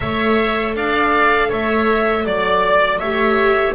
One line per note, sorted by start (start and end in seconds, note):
0.00 0.74 A3
0.00 3.01 A4
0.00 0.75 C#5
0.00 0.75 E5
0.74 1.49 D4
0.74 1.48 D5
0.74 1.51 F5
1.48 2.25 A3
1.48 2.23 C#5
1.48 2.25 E5
2.25 3.00 F#3
2.25 2.98 D5
2.25 2.99 D5
2.98 3.74 A3
2.98 3.74 G4
2.98 3.74 C#5
2.98 3.73 E5